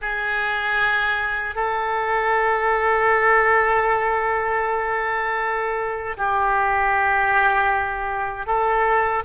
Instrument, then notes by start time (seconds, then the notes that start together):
oboe
0.01 G#4
1.55 A4
6.17 G4
8.46 A4